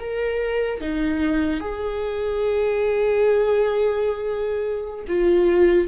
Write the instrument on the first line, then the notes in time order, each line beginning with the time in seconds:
viola
0.00 A#4
0.81 D#4
1.61 G#4
5.08 F4